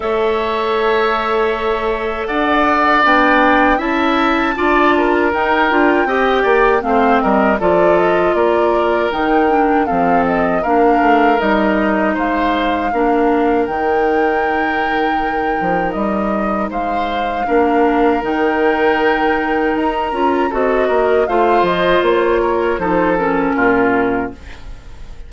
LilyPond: <<
  \new Staff \with { instrumentName = "flute" } { \time 4/4 \tempo 4 = 79 e''2. fis''4 | g''4 a''2 g''4~ | g''4 f''8 dis''8 d''8 dis''8 d''4 | g''4 f''8 dis''8 f''4 dis''4 |
f''2 g''2~ | g''4 dis''4 f''2 | g''2 ais''4 dis''4 | f''8 dis''8 cis''4 c''8 ais'4. | }
  \new Staff \with { instrumentName = "oboe" } { \time 4/4 cis''2. d''4~ | d''4 e''4 d''8 ais'4. | dis''8 d''8 c''8 ais'8 a'4 ais'4~ | ais'4 a'4 ais'2 |
c''4 ais'2.~ | ais'2 c''4 ais'4~ | ais'2. a'8 ais'8 | c''4. ais'8 a'4 f'4 | }
  \new Staff \with { instrumentName = "clarinet" } { \time 4/4 a'1 | d'4 e'4 f'4 dis'8 f'8 | g'4 c'4 f'2 | dis'8 d'8 c'4 d'4 dis'4~ |
dis'4 d'4 dis'2~ | dis'2. d'4 | dis'2~ dis'8 f'8 fis'4 | f'2 dis'8 cis'4. | }
  \new Staff \with { instrumentName = "bassoon" } { \time 4/4 a2. d'4 | b4 cis'4 d'4 dis'8 d'8 | c'8 ais8 a8 g8 f4 ais4 | dis4 f4 ais8 a8 g4 |
gis4 ais4 dis2~ | dis8 f8 g4 gis4 ais4 | dis2 dis'8 cis'8 c'8 ais8 | a8 f8 ais4 f4 ais,4 | }
>>